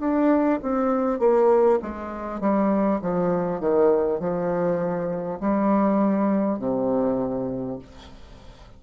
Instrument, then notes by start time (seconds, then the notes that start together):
bassoon
0.00 D4
0.62 C4
1.19 A#3
1.82 G#3
2.41 G3
3.02 F3
3.61 D#3
4.19 F3
5.41 G3
6.59 C3